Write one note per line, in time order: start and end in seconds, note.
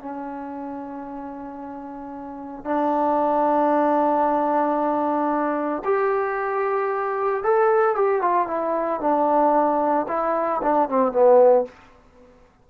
0.00 2.65 C#4
2.65 5.83 D4
5.85 7.44 G4
7.44 7.96 A4
7.96 8.22 G4
8.22 8.48 F4
8.48 9.01 E4
9.01 10.07 D4
10.08 10.61 E4
10.63 10.89 D4
10.89 11.12 C4
11.12 11.65 B3